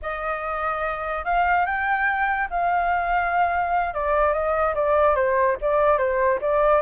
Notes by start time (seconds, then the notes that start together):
0.02 D#5
1.24 F5
1.65 G5
2.50 F5
3.93 D5
4.33 D#5
4.74 D5
5.15 C5
5.61 D5
5.98 C5
6.41 D5